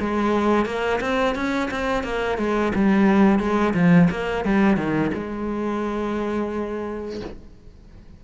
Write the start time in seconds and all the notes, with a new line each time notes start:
0.00 G#3
0.65 A#3
1.00 C4
1.35 C#4
1.71 C4
2.03 A#3
2.38 G#3
2.75 G3
3.39 G#3
3.74 F3
4.10 A#3
4.45 G3
4.76 D#3
5.13 G#3